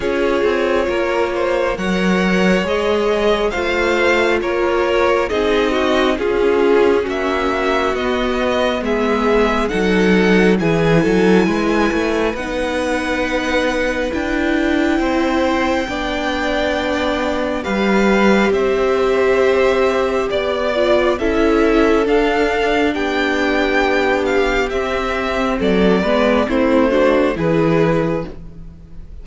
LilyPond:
<<
  \new Staff \with { instrumentName = "violin" } { \time 4/4 \tempo 4 = 68 cis''2 fis''4 dis''4 | f''4 cis''4 dis''4 gis'4 | e''4 dis''4 e''4 fis''4 | gis''2 fis''2 |
g''1 | f''4 e''2 d''4 | e''4 f''4 g''4. f''8 | e''4 d''4 c''4 b'4 | }
  \new Staff \with { instrumentName = "violin" } { \time 4/4 gis'4 ais'8 c''8 cis''2 | c''4 ais'4 gis'8 fis'8 f'4 | fis'2 gis'4 a'4 | gis'8 a'8 b'2.~ |
b'4 c''4 d''2 | b'4 c''2 d''4 | a'2 g'2~ | g'4 a'8 b'8 e'8 fis'8 gis'4 | }
  \new Staff \with { instrumentName = "viola" } { \time 4/4 f'2 ais'4 gis'4 | f'2 dis'4 cis'4~ | cis'4 b2 dis'4 | e'2 dis'2 |
e'2 d'2 | g'2.~ g'8 f'8 | e'4 d'2. | c'4. b8 c'8 d'8 e'4 | }
  \new Staff \with { instrumentName = "cello" } { \time 4/4 cis'8 c'8 ais4 fis4 gis4 | a4 ais4 c'4 cis'4 | ais4 b4 gis4 fis4 | e8 fis8 gis8 a8 b2 |
d'4 c'4 b2 | g4 c'2 b4 | cis'4 d'4 b2 | c'4 fis8 gis8 a4 e4 | }
>>